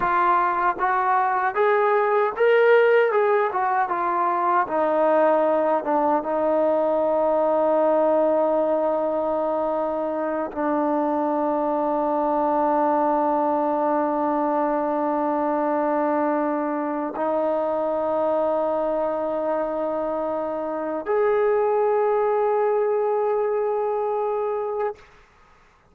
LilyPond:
\new Staff \with { instrumentName = "trombone" } { \time 4/4 \tempo 4 = 77 f'4 fis'4 gis'4 ais'4 | gis'8 fis'8 f'4 dis'4. d'8 | dis'1~ | dis'4. d'2~ d'8~ |
d'1~ | d'2 dis'2~ | dis'2. gis'4~ | gis'1 | }